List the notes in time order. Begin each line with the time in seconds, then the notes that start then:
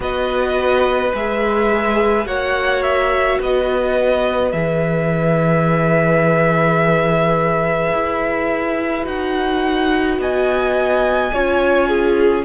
0.00 B3 F#4 B4 D#5
1.13 G#3 G#4 E5
2.25 A#3 F#4 C#5 F#5
2.82 E5
3.39 B3 B4 D#5
4.52 E3 G#4 E5
7.93 E4
9.03 D#4 F#4 F#5
10.18 B3 D#5 G#5
11.33 C#4 F4 C#5
11.87 G#4